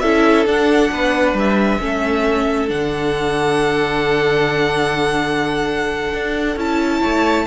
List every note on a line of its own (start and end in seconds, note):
0.00 0.46 C#4
0.00 0.47 E4
0.00 0.91 A4
0.00 0.44 E5
0.46 0.91 D4
0.46 1.79 D4
0.46 1.37 F#5
0.92 1.33 B3
0.92 1.81 B4
1.33 1.77 G3
1.33 2.69 E5
1.79 2.70 A3
1.79 2.68 C#4
1.79 7.00 A4
2.68 6.14 D3
2.68 6.56 D4
2.68 6.58 F#5
6.14 6.56 D4
6.56 7.00 C#4
6.56 7.47 E4
6.56 7.47 A5
7.00 7.47 A3
7.00 7.45 C#5